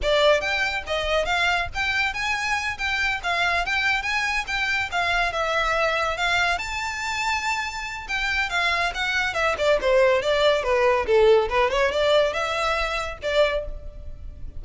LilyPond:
\new Staff \with { instrumentName = "violin" } { \time 4/4 \tempo 4 = 141 d''4 g''4 dis''4 f''4 | g''4 gis''4. g''4 f''8~ | f''8 g''4 gis''4 g''4 f''8~ | f''8 e''2 f''4 a''8~ |
a''2. g''4 | f''4 fis''4 e''8 d''8 c''4 | d''4 b'4 a'4 b'8 cis''8 | d''4 e''2 d''4 | }